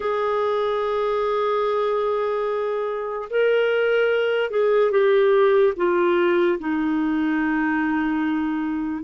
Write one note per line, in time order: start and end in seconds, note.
0.00 3.28 G#4
3.30 4.50 A#4
4.50 4.91 G#4
4.91 5.73 G4
5.76 6.58 F4
6.59 9.03 D#4